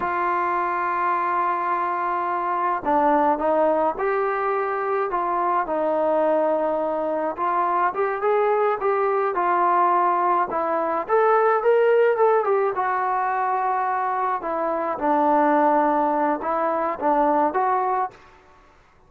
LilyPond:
\new Staff \with { instrumentName = "trombone" } { \time 4/4 \tempo 4 = 106 f'1~ | f'4 d'4 dis'4 g'4~ | g'4 f'4 dis'2~ | dis'4 f'4 g'8 gis'4 g'8~ |
g'8 f'2 e'4 a'8~ | a'8 ais'4 a'8 g'8 fis'4.~ | fis'4. e'4 d'4.~ | d'4 e'4 d'4 fis'4 | }